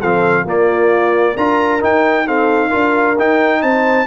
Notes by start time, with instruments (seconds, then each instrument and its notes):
0.00 tuba F3, trombone C4, horn A4, trumpet F5
0.45 tuba A#3, trombone A#3, horn F4, trumpet D5
1.35 tuba D4, trombone F4, horn A#4, trumpet A#5
1.81 trombone D#4, tuba D#4, trumpet G5
2.26 trombone C4, horn A4, trumpet F5
2.69 tuba D4, trombone F4, horn A#4
3.19 trombone D#4, tuba D#4, trumpet G5
3.63 tuba C4, horn C5, trumpet A5